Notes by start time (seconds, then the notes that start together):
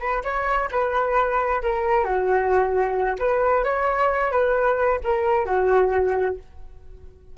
0.00 B4
0.24 C#5
0.71 B4
1.62 A#4
2.04 F#4
3.19 B4
3.64 C#5
4.32 B4
5.03 A#4
5.45 F#4